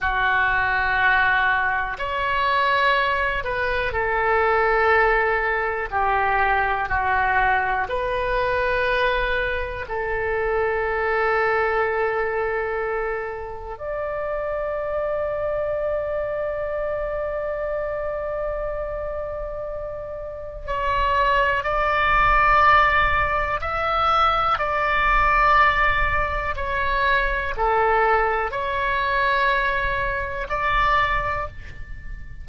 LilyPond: \new Staff \with { instrumentName = "oboe" } { \time 4/4 \tempo 4 = 61 fis'2 cis''4. b'8 | a'2 g'4 fis'4 | b'2 a'2~ | a'2 d''2~ |
d''1~ | d''4 cis''4 d''2 | e''4 d''2 cis''4 | a'4 cis''2 d''4 | }